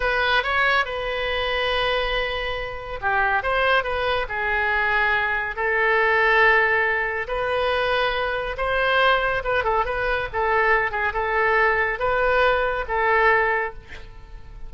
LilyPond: \new Staff \with { instrumentName = "oboe" } { \time 4/4 \tempo 4 = 140 b'4 cis''4 b'2~ | b'2. g'4 | c''4 b'4 gis'2~ | gis'4 a'2.~ |
a'4 b'2. | c''2 b'8 a'8 b'4 | a'4. gis'8 a'2 | b'2 a'2 | }